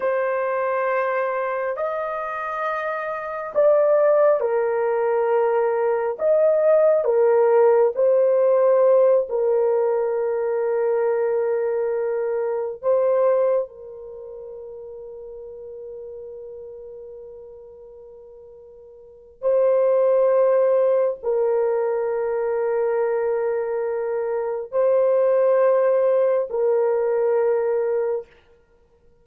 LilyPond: \new Staff \with { instrumentName = "horn" } { \time 4/4 \tempo 4 = 68 c''2 dis''2 | d''4 ais'2 dis''4 | ais'4 c''4. ais'4.~ | ais'2~ ais'8 c''4 ais'8~ |
ais'1~ | ais'2 c''2 | ais'1 | c''2 ais'2 | }